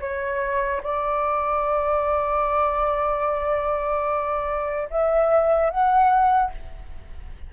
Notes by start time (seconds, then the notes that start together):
0.00 C#5
0.83 D5
4.90 E5
5.70 F#5